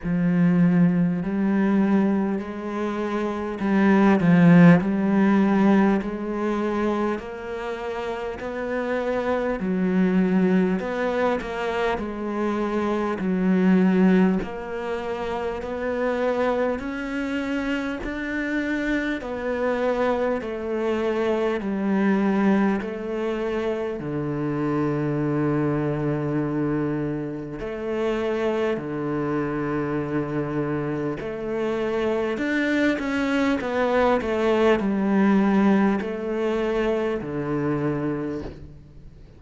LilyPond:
\new Staff \with { instrumentName = "cello" } { \time 4/4 \tempo 4 = 50 f4 g4 gis4 g8 f8 | g4 gis4 ais4 b4 | fis4 b8 ais8 gis4 fis4 | ais4 b4 cis'4 d'4 |
b4 a4 g4 a4 | d2. a4 | d2 a4 d'8 cis'8 | b8 a8 g4 a4 d4 | }